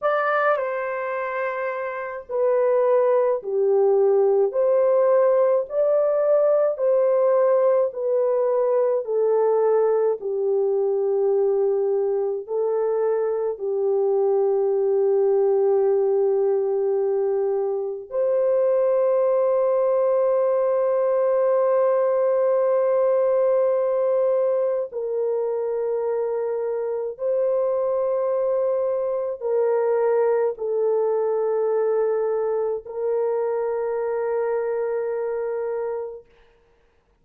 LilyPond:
\new Staff \with { instrumentName = "horn" } { \time 4/4 \tempo 4 = 53 d''8 c''4. b'4 g'4 | c''4 d''4 c''4 b'4 | a'4 g'2 a'4 | g'1 |
c''1~ | c''2 ais'2 | c''2 ais'4 a'4~ | a'4 ais'2. | }